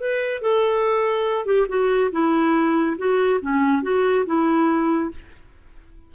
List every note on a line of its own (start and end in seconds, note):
0.00 0.41 B4
0.41 1.45 A4
1.45 1.67 G4
1.68 2.11 F#4
2.11 2.97 E4
2.97 3.40 F#4
3.41 3.82 C#4
3.82 4.25 F#4
4.26 5.11 E4